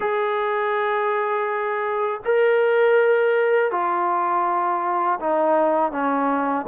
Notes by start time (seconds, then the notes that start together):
0.00 G#4
2.24 A#4
3.71 F4
5.20 D#4
5.91 C#4